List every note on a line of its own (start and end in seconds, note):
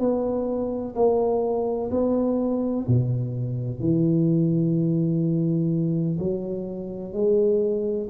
0.00 0.95 B3
0.96 1.91 A#3
1.91 2.86 B3
2.87 3.80 B2
3.80 6.18 E3
6.19 7.13 F#3
7.13 8.08 G#3